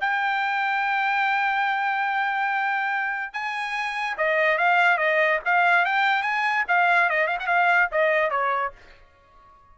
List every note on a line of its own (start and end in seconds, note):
0.00 3.33 G5
3.33 4.16 G#5
4.18 4.58 D#5
4.58 4.98 F5
4.98 5.39 D#5
5.45 5.85 F5
5.85 6.22 G5
6.22 6.64 G#5
6.68 7.09 F5
7.09 7.27 D#5
7.27 7.37 F5
7.39 7.47 F#5
7.47 7.88 F5
7.91 8.30 D#5
8.30 8.72 C#5